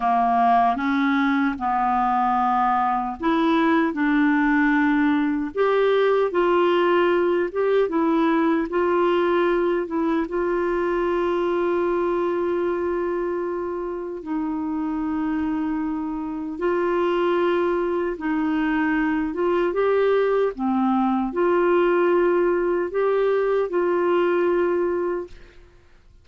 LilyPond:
\new Staff \with { instrumentName = "clarinet" } { \time 4/4 \tempo 4 = 76 ais4 cis'4 b2 | e'4 d'2 g'4 | f'4. g'8 e'4 f'4~ | f'8 e'8 f'2.~ |
f'2 dis'2~ | dis'4 f'2 dis'4~ | dis'8 f'8 g'4 c'4 f'4~ | f'4 g'4 f'2 | }